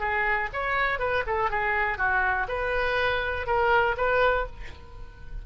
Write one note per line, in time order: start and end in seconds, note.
0.00 0.49 G#4
0.53 0.99 C#5
0.99 1.23 B4
1.27 1.50 A4
1.50 1.98 G#4
1.98 2.47 F#4
2.48 3.46 B4
3.46 3.96 A#4
3.97 4.46 B4